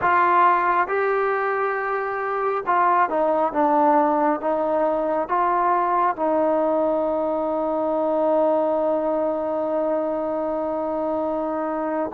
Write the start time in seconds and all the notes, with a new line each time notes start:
0.01 F4
0.87 G4
2.66 F4
3.09 D#4
3.52 D4
4.40 D#4
5.28 F4
6.15 D#4